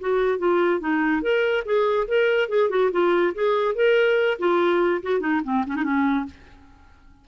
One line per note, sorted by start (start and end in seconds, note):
0.00 0.38 F#4
0.38 0.80 F4
0.80 1.21 D#4
1.21 1.63 A#4
1.65 2.07 G#4
2.07 2.49 A#4
2.49 2.69 G#4
2.69 2.90 F#4
2.91 3.33 F4
3.34 3.75 G#4
3.75 4.38 A#4
4.38 5.01 F4
5.02 5.20 F#4
5.20 5.41 D#4
5.44 5.65 C4
5.66 5.76 C#4
5.76 5.83 D#4
5.83 6.25 C#4